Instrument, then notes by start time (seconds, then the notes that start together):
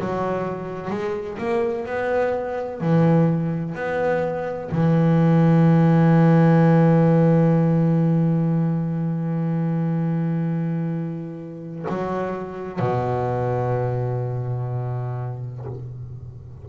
double bass
0.00 F#3
0.90 G#3
1.38 A#3
1.86 B3
2.81 E3
3.75 B3
4.71 E3
11.89 F#3
12.79 B2